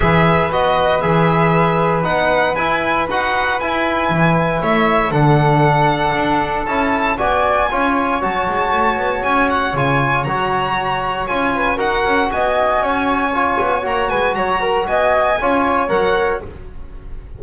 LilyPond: <<
  \new Staff \with { instrumentName = "violin" } { \time 4/4 \tempo 4 = 117 e''4 dis''4 e''2 | fis''4 gis''4 fis''4 gis''4~ | gis''4 e''4 fis''2~ | fis''4 a''4 gis''2 |
a''2 gis''8 fis''8 gis''4 | ais''2 gis''4 fis''4 | gis''2. ais''8 gis''8 | ais''4 gis''2 fis''4 | }
  \new Staff \with { instrumentName = "flute" } { \time 4/4 b'1~ | b'1~ | b'4 cis''4 a'2~ | a'2 d''4 cis''4~ |
cis''1~ | cis''2~ cis''8 b'8 ais'4 | dis''4 cis''2~ cis''8 b'8 | cis''8 ais'8 dis''4 cis''2 | }
  \new Staff \with { instrumentName = "trombone" } { \time 4/4 gis'4 fis'4 gis'2 | dis'4 e'4 fis'4 e'4~ | e'2 d'2~ | d'4 e'4 fis'4 f'4 |
fis'2. f'4 | fis'2 f'4 fis'4~ | fis'2 f'4 fis'4~ | fis'2 f'4 ais'4 | }
  \new Staff \with { instrumentName = "double bass" } { \time 4/4 e4 b4 e2 | b4 e'4 dis'4 e'4 | e4 a4 d2 | d'4 cis'4 b4 cis'4 |
fis8 gis8 a8 b8 cis'4 cis4 | fis2 cis'4 dis'8 cis'8 | b4 cis'4. b8 ais8 gis8 | fis4 b4 cis'4 fis4 | }
>>